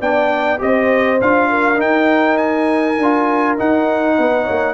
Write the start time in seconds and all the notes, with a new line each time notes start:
0.00 B3 D4 D5 G5
0.58 C4 G4 C5 D#5
1.21 D4 F4 F5
1.49 A#4
1.75 D#4 G5
2.37 G#5
2.99 D4 F4
3.57 D#4 F#5
4.18 B3 B4
4.43 A#3 C#5